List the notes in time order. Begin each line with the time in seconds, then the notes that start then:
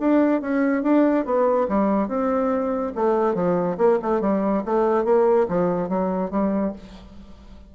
0.00 D4
0.41 C#4
0.83 D4
1.26 B3
1.69 G3
2.08 C4
2.96 A3
3.35 F3
3.78 A#3
4.02 A3
4.21 G3
4.66 A3
5.05 A#3
5.49 F3
5.89 F#3
6.31 G3